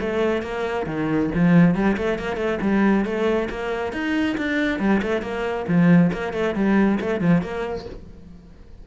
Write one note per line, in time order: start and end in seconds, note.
0.00 0.42 A3
0.42 0.86 A#3
0.86 1.30 D#3
1.34 1.75 F3
1.75 1.97 G3
1.97 2.18 A3
2.18 2.37 A#3
2.37 2.59 A3
2.61 3.05 G3
3.05 3.49 A3
3.50 3.92 A#3
3.92 4.36 D#4
4.37 4.79 D4
4.79 5.01 G3
5.02 5.22 A3
5.22 5.66 A#3
5.68 6.11 F3
6.12 6.33 A#3
6.33 6.55 A3
6.55 6.99 G3
7.00 7.21 A3
7.21 7.42 F3
7.42 7.85 A#3